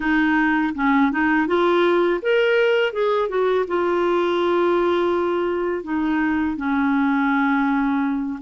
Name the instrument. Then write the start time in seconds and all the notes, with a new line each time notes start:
clarinet
0.00 D#4
0.75 C#4
1.11 D#4
1.47 F4
2.22 A#4
2.92 G#4
3.28 F#4
3.67 F4
5.83 D#4
6.57 C#4